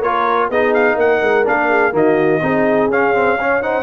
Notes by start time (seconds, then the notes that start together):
0.00 A#3 F4 A#4 C#5
0.49 B3 D#4 G#4 D#5
0.74 F5
0.95 A#3 A#4 F#5
1.22 G#3
1.45 A#3 D4 F5
1.69 G#4
1.92 D#3 A#3 F#4 D#5
2.42 C4 D#4 G#4
2.89 C#4 F5
3.14 C4
3.39 C#4 C#5
3.62 D#4 C5 F#5